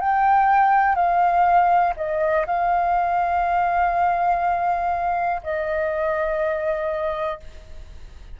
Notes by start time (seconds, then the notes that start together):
0.00 G5
0.95 F5
1.96 D#5
2.46 F5
5.43 D#5